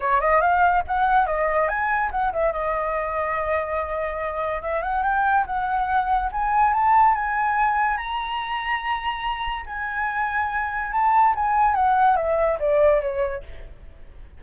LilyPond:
\new Staff \with { instrumentName = "flute" } { \time 4/4 \tempo 4 = 143 cis''8 dis''8 f''4 fis''4 dis''4 | gis''4 fis''8 e''8 dis''2~ | dis''2. e''8 fis''8 | g''4 fis''2 gis''4 |
a''4 gis''2 ais''4~ | ais''2. gis''4~ | gis''2 a''4 gis''4 | fis''4 e''4 d''4 cis''4 | }